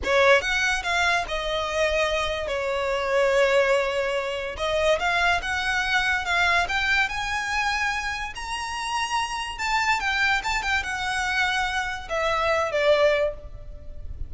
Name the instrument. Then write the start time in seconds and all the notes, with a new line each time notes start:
violin
0.04 C#5
0.41 F#5
0.83 F5
1.28 D#5
2.47 C#5
4.57 D#5
4.99 F5
5.41 F#5
6.25 F5
6.68 G5
7.08 G#5
8.35 A#5
9.58 A5
10.00 G5
10.43 A5
10.62 G5
10.83 F#5
12.09 E5
12.71 D5